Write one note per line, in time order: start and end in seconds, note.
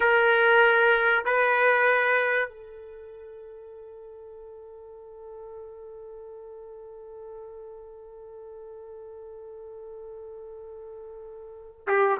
0.00 1.24 A#4
1.25 2.48 B4
2.48 11.86 A4
11.87 12.18 G4